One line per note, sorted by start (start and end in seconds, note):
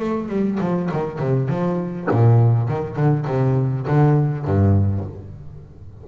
0.00 0.29 A3
0.29 0.59 G3
0.60 0.90 F3
0.92 1.19 D#3
1.19 1.49 C3
1.49 2.08 F3
2.11 2.69 A#2
2.69 2.96 D#3
2.96 3.26 D3
3.27 3.87 C3
3.87 4.46 D3
4.46 5.05 G2